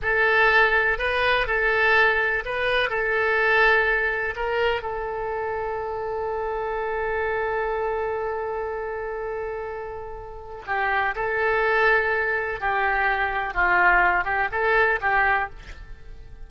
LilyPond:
\new Staff \with { instrumentName = "oboe" } { \time 4/4 \tempo 4 = 124 a'2 b'4 a'4~ | a'4 b'4 a'2~ | a'4 ais'4 a'2~ | a'1~ |
a'1~ | a'2 g'4 a'4~ | a'2 g'2 | f'4. g'8 a'4 g'4 | }